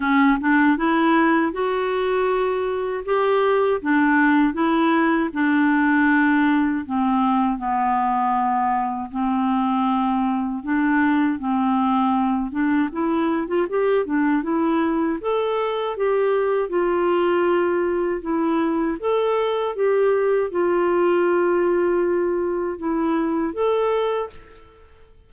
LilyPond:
\new Staff \with { instrumentName = "clarinet" } { \time 4/4 \tempo 4 = 79 cis'8 d'8 e'4 fis'2 | g'4 d'4 e'4 d'4~ | d'4 c'4 b2 | c'2 d'4 c'4~ |
c'8 d'8 e'8. f'16 g'8 d'8 e'4 | a'4 g'4 f'2 | e'4 a'4 g'4 f'4~ | f'2 e'4 a'4 | }